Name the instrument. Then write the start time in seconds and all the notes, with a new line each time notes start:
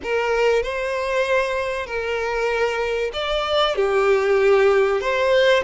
violin
0.02 A#4
0.62 C5
1.86 A#4
3.13 D5
3.75 G4
5.00 C5